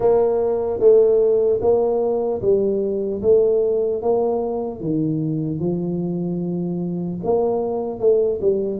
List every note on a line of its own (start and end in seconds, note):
0.00 0.79 A#3
0.79 1.59 A3
1.61 2.41 A#3
2.41 3.21 G3
3.22 4.02 A3
4.02 4.80 A#3
4.80 5.59 D#3
5.59 7.19 F3
7.23 7.99 A#3
7.99 8.39 A3
8.41 8.79 G3